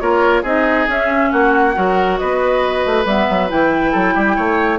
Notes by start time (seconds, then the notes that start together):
0.00 A#3 F4 A#4 C#5
0.42 C4 D#4 G#4 D#5
0.88 C#4 E5
1.32 A#3 F#4 F#5
1.74 F#3 F#4 A#4
2.17 B3 B4 D#5
2.86 A3
3.05 G3 B3 E5
3.30 F#3
3.49 E3 E4 G5
3.92 F#3 A4
4.14 G3 G4
4.36 A3 C#5